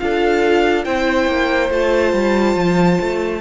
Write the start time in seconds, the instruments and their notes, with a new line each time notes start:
0.00 cello D4, viola F4, violin A4 F5
0.85 cello C4, viola E4, violin C5 G5
1.27 cello A#3
1.71 cello A3, viola F4, violin A5
2.14 cello G3
2.56 cello F3
3.01 cello A3